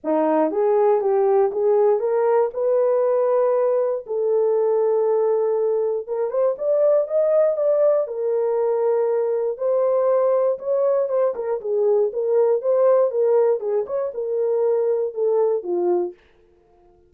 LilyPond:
\new Staff \with { instrumentName = "horn" } { \time 4/4 \tempo 4 = 119 dis'4 gis'4 g'4 gis'4 | ais'4 b'2. | a'1 | ais'8 c''8 d''4 dis''4 d''4 |
ais'2. c''4~ | c''4 cis''4 c''8 ais'8 gis'4 | ais'4 c''4 ais'4 gis'8 cis''8 | ais'2 a'4 f'4 | }